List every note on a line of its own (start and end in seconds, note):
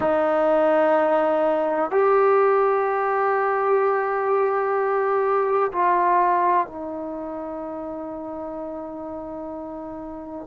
0.00 1.90 D#4
1.90 5.71 G4
5.72 6.66 F4
6.66 10.47 D#4